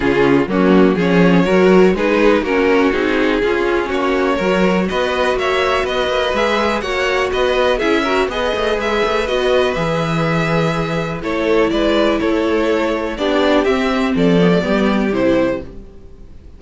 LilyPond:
<<
  \new Staff \with { instrumentName = "violin" } { \time 4/4 \tempo 4 = 123 gis'4 fis'4 cis''2 | b'4 ais'4 gis'2 | cis''2 dis''4 e''4 | dis''4 e''4 fis''4 dis''4 |
e''4 dis''4 e''4 dis''4 | e''2. cis''4 | d''4 cis''2 d''4 | e''4 d''2 c''4 | }
  \new Staff \with { instrumentName = "violin" } { \time 4/4 f'4 cis'4 gis'4 ais'4 | gis'4 fis'2 f'4 | fis'4 ais'4 b'4 cis''4 | b'2 cis''4 b'4 |
gis'8 ais'8 b'2.~ | b'2. a'4 | b'4 a'2 g'4~ | g'4 a'4 g'2 | }
  \new Staff \with { instrumentName = "viola" } { \time 4/4 cis'4 ais4 cis'4 fis'4 | dis'4 cis'4 dis'4 cis'4~ | cis'4 fis'2.~ | fis'4 gis'4 fis'2 |
e'8 fis'8 gis'2 fis'4 | gis'2. e'4~ | e'2. d'4 | c'4. b16 a16 b4 e'4 | }
  \new Staff \with { instrumentName = "cello" } { \time 4/4 cis4 fis4 f4 fis4 | gis4 ais4 c'4 cis'4 | ais4 fis4 b4 ais4 | b8 ais8 gis4 ais4 b4 |
cis'4 b8 a8 gis8 a8 b4 | e2. a4 | gis4 a2 b4 | c'4 f4 g4 c4 | }
>>